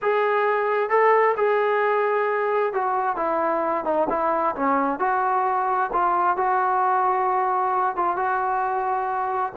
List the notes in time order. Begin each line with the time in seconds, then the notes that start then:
0.02 G#4
0.89 A4
1.36 G#4
2.73 F#4
3.16 E4
3.84 D#4
4.09 E4
4.55 C#4
4.99 F#4
5.92 F4
6.36 F#4
7.95 F4
8.16 F#4